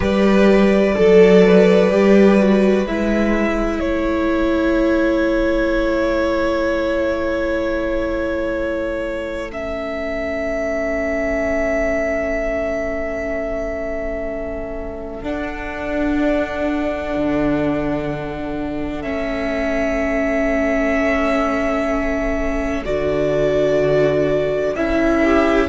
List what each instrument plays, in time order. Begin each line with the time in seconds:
0.00 cello G3, viola G4, violin B4 D5
0.95 cello F#3, viola A4, violin A4
1.44 violin B4
1.89 cello G3, viola G4
2.38 viola F#4
2.85 cello G#3, viola E4, violin E5
3.79 cello A3, violin A4 C#5
9.51 viola C#4, violin E5
15.22 viola D4, cello D4, violin F#5
17.16 cello D3
19.02 cello A3, viola C#4, violin E5
22.84 cello D3, viola F#4, violin D5
24.75 cello C#4, viola E4, violin E5
25.23 violin G4